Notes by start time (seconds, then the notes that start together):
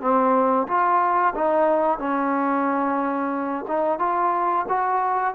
0.00 C4
0.67 F4
1.35 D#4
1.98 C#4
3.67 D#4
3.98 F4
4.68 F#4